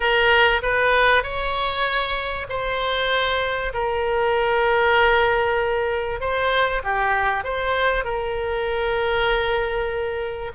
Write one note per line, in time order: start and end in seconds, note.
0.00 0.61 A#4
0.62 1.23 B4
1.23 2.47 C#5
2.49 3.73 C5
3.73 6.20 A#4
6.20 6.82 C5
6.83 7.43 G4
7.43 8.04 C5
8.04 10.51 A#4